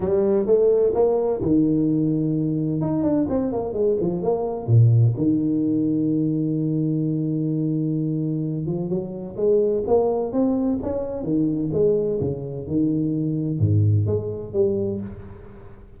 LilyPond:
\new Staff \with { instrumentName = "tuba" } { \time 4/4 \tempo 4 = 128 g4 a4 ais4 dis4~ | dis2 dis'8 d'8 c'8 ais8 | gis8 f8 ais4 ais,4 dis4~ | dis1~ |
dis2~ dis8 f8 fis4 | gis4 ais4 c'4 cis'4 | dis4 gis4 cis4 dis4~ | dis4 gis,4 gis4 g4 | }